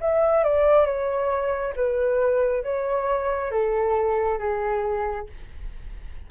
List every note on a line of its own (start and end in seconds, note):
0.00 0.44 E5
0.44 0.86 D5
0.86 1.74 C#5
1.76 2.64 B4
2.64 3.51 C#5
3.51 4.39 A4
4.39 5.27 G#4